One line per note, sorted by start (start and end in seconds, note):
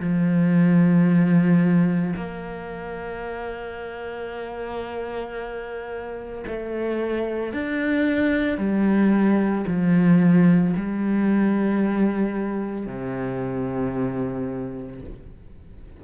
0.00 2.14 F3
2.16 6.44 A#3
6.47 7.53 A3
7.53 8.58 D4
8.58 9.65 G3
9.67 10.74 F3
10.76 12.86 G3
12.86 15.00 C3